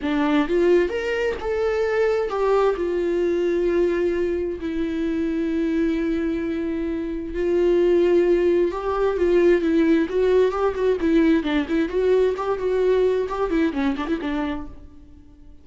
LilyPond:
\new Staff \with { instrumentName = "viola" } { \time 4/4 \tempo 4 = 131 d'4 f'4 ais'4 a'4~ | a'4 g'4 f'2~ | f'2 e'2~ | e'1 |
f'2. g'4 | f'4 e'4 fis'4 g'8 fis'8 | e'4 d'8 e'8 fis'4 g'8 fis'8~ | fis'4 g'8 e'8 cis'8 d'16 e'16 d'4 | }